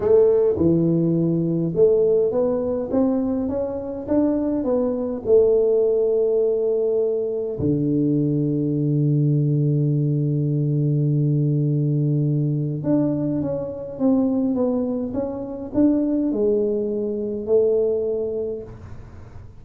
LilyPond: \new Staff \with { instrumentName = "tuba" } { \time 4/4 \tempo 4 = 103 a4 e2 a4 | b4 c'4 cis'4 d'4 | b4 a2.~ | a4 d2.~ |
d1~ | d2 d'4 cis'4 | c'4 b4 cis'4 d'4 | gis2 a2 | }